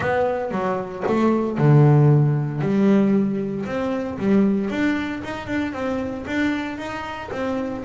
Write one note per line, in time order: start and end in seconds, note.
0.00 0.51 B3
0.51 1.03 F#3
1.07 1.58 A3
1.58 2.61 D3
2.61 3.65 G3
3.65 4.17 C4
4.18 4.70 G3
4.70 5.22 D4
5.23 5.47 D#4
5.47 5.72 D4
5.72 6.25 C4
6.26 6.78 D4
6.78 7.30 D#4
7.31 7.84 C4